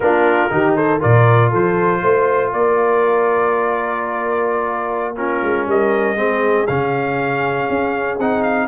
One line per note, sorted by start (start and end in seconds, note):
0.00 0.49 A#3
0.00 0.50 D4
0.00 0.52 F4
0.00 0.74 A#4
0.50 1.01 D#3
0.50 0.99 D#4
0.50 0.76 G4
0.76 1.00 A4
0.76 1.01 C5
0.99 1.53 A#2
0.99 5.15 F4
0.99 1.49 A#4
0.99 1.52 D5
1.49 2.02 F3
1.49 2.00 A4
1.49 2.52 C5
2.01 2.52 A3
2.01 2.51 C5
2.52 5.42 A#3
2.52 5.16 A#4
2.52 5.17 D5
5.16 6.16 C#4
5.16 5.67 F4
5.16 5.67 A#4
5.43 5.66 G#3
5.66 6.15 G3
5.66 6.17 A#4
5.66 6.66 D#5
6.15 6.66 G#3
6.15 6.66 C4
6.15 8.67 G#4
6.66 7.69 C#3
6.66 8.19 C#4
6.66 8.18 F5
7.69 8.18 C#4
8.18 8.67 C4
8.18 8.67 D#4
8.18 8.42 F#5
8.42 8.67 F5